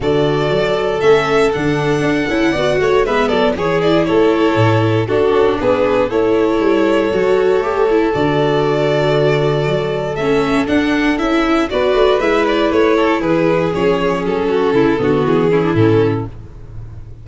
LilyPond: <<
  \new Staff \with { instrumentName = "violin" } { \time 4/4 \tempo 4 = 118 d''2 e''4 fis''4~ | fis''2 e''8 d''8 cis''8 d''8 | cis''2 a'4 b'4 | cis''1 |
d''1 | e''4 fis''4 e''4 d''4 | e''8 d''8 cis''4 b'4 cis''4 | a'2 gis'4 a'4 | }
  \new Staff \with { instrumentName = "violin" } { \time 4/4 a'1~ | a'4 d''8 cis''8 b'8 a'8 gis'4 | a'2 fis'4 gis'4 | a'1~ |
a'1~ | a'2. b'4~ | b'4. a'8 gis'2~ | gis'8 fis'8 e'8 fis'4 e'4. | }
  \new Staff \with { instrumentName = "viola" } { \time 4/4 fis'2 cis'4 d'4~ | d'8 e'8 fis'4 b4 e'4~ | e'2 d'2 | e'2 fis'4 g'8 e'8 |
fis'1 | cis'4 d'4 e'4 fis'4 | e'2. cis'4~ | cis'4. b4 cis'16 d'16 cis'4 | }
  \new Staff \with { instrumentName = "tuba" } { \time 4/4 d4 fis4 a4 d4 | d'8 cis'8 b8 a8 gis8 fis8 e4 | a4 a,4 d'8 cis'8 b4 | a4 g4 fis4 a4 |
d2. fis4 | a4 d'4 cis'4 b8 a8 | gis4 a4 e4 f4 | fis4 cis8 d8 e4 a,4 | }
>>